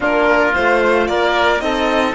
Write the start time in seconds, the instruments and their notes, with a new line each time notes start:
0.00 cello A#3, horn D4, oboe F4, violin A#4
0.53 cello A3, horn F4, violin C5
1.07 cello A#3, oboe A#4, violin D5
1.59 cello C4, horn D#4, oboe A4, violin D#5